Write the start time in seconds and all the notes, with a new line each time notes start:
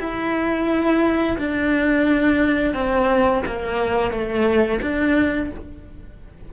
0.00 E4
1.38 D4
2.74 C4
3.47 A#3
4.12 A3
4.82 D4